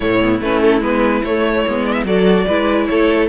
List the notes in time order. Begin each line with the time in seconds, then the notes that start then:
0.00 A2 A3 E4 C#5
0.20 B3
0.41 A3 C#4 B4
0.61 A4
0.81 G#3 B3 B4
1.24 A3 C#5
1.67 G#3 B3
1.85 D5
1.92 E5
2.04 F#3 F#4 A4 D5
2.46 G#3 E4 B4
2.86 A3 A4 C#5